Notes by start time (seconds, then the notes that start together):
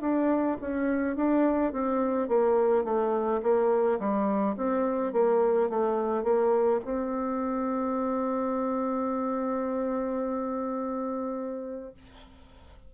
0.00 D4
0.61 C#4
1.16 D4
1.72 C4
2.28 A#3
2.84 A3
3.42 A#3
3.99 G3
4.56 C4
5.13 A#3
5.69 A3
6.23 A#3
6.84 C4